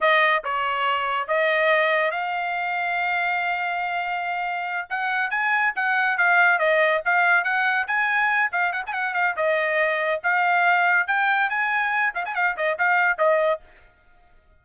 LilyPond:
\new Staff \with { instrumentName = "trumpet" } { \time 4/4 \tempo 4 = 141 dis''4 cis''2 dis''4~ | dis''4 f''2.~ | f''2.~ f''8 fis''8~ | fis''8 gis''4 fis''4 f''4 dis''8~ |
dis''8 f''4 fis''4 gis''4. | f''8 fis''16 gis''16 fis''8 f''8 dis''2 | f''2 g''4 gis''4~ | gis''8 f''16 gis''16 f''8 dis''8 f''4 dis''4 | }